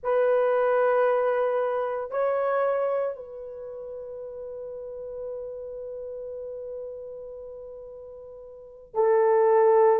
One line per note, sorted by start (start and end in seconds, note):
0.03 2.11 B4
2.11 3.16 C#5
3.16 8.94 B4
8.94 9.99 A4